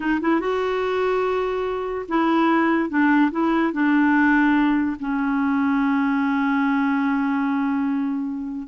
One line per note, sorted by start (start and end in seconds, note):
0.00 0.20 D#4
0.21 0.40 E4
0.40 2.06 F#4
2.08 2.89 E4
2.89 3.30 D4
3.31 3.72 E4
3.72 4.97 D4
4.99 8.67 C#4